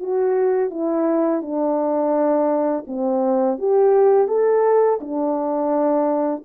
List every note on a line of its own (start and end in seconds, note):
0.00 0.70 F#4
0.70 1.42 E4
1.42 2.84 D4
2.87 3.58 C4
3.59 4.28 G4
4.28 4.99 A4
5.01 6.44 D4